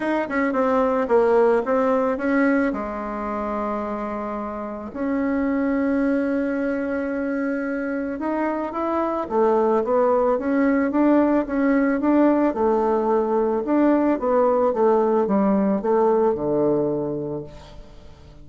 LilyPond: \new Staff \with { instrumentName = "bassoon" } { \time 4/4 \tempo 4 = 110 dis'8 cis'8 c'4 ais4 c'4 | cis'4 gis2.~ | gis4 cis'2.~ | cis'2. dis'4 |
e'4 a4 b4 cis'4 | d'4 cis'4 d'4 a4~ | a4 d'4 b4 a4 | g4 a4 d2 | }